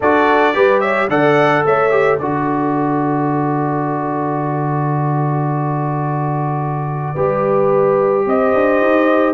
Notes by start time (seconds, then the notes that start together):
0.00 D4 F#4 A4 D5
0.53 G3 G4 B4
0.80 C#5 E5
1.08 D3 A4 D5 F#5
1.65 A3 C#5 E5
1.90 G4
2.18 D3 F#4 A4 D5
7.13 G3 G4 B4
8.26 C4 C5 D#5
8.54 D4
8.81 D#4